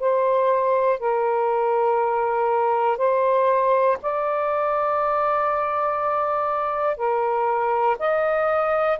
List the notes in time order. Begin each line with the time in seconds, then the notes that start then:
0.00 C5
1.00 A#4
2.98 C5
4.02 D5
6.97 A#4
7.99 D#5